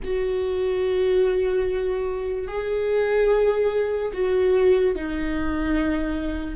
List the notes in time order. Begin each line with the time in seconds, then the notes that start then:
0.04 F#4
2.47 G#4
4.13 F#4
4.95 D#4